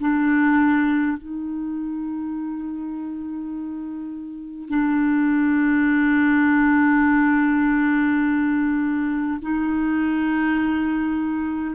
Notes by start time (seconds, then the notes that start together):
0.00 D4
1.17 D#4
4.69 D4
9.42 D#4